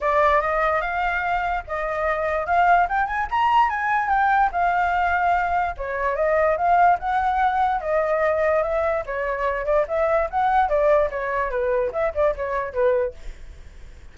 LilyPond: \new Staff \with { instrumentName = "flute" } { \time 4/4 \tempo 4 = 146 d''4 dis''4 f''2 | dis''2 f''4 g''8 gis''8 | ais''4 gis''4 g''4 f''4~ | f''2 cis''4 dis''4 |
f''4 fis''2 dis''4~ | dis''4 e''4 cis''4. d''8 | e''4 fis''4 d''4 cis''4 | b'4 e''8 d''8 cis''4 b'4 | }